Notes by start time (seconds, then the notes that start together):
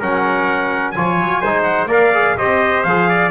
0.00 F#3 C#4 A#4 F#5
0.92 F4 C#5 G#5
0.98 F3
1.21 F#3
1.42 G#3 D#4 C5
1.63 F#5
1.86 A#3 A#4 D5 F5
2.14 G#4
2.38 C4 G4 C5 D#5
2.83 F3 G#4 F5
3.09 D5